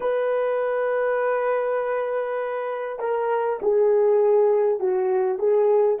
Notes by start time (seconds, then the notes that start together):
0.00 B4
2.99 A#4
3.62 G#4
4.79 F#4
5.38 G#4